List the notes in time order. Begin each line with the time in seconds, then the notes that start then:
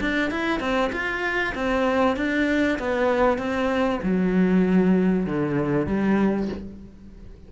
0.00 D4
0.31 E4
0.60 C4
0.92 F4
1.55 C4
2.16 D4
2.79 B3
3.38 C4
4.02 F#3
5.26 D3
5.86 G3